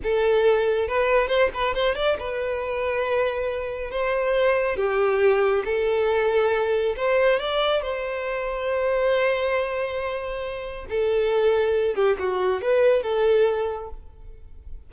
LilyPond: \new Staff \with { instrumentName = "violin" } { \time 4/4 \tempo 4 = 138 a'2 b'4 c''8 b'8 | c''8 d''8 b'2.~ | b'4 c''2 g'4~ | g'4 a'2. |
c''4 d''4 c''2~ | c''1~ | c''4 a'2~ a'8 g'8 | fis'4 b'4 a'2 | }